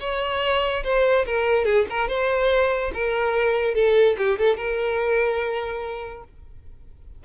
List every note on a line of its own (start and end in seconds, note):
0.00 0.83 C#5
0.84 1.25 C5
1.26 1.65 A#4
1.65 1.86 G#4
1.90 2.08 A#4
2.08 2.91 C5
2.94 3.74 A#4
3.74 4.16 A4
4.18 4.38 G4
4.38 4.57 A4
4.57 6.24 A#4